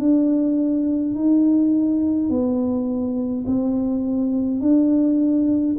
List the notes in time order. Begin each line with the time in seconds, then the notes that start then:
0.00 D4
1.15 D#4
2.30 B3
3.47 C4
4.61 D4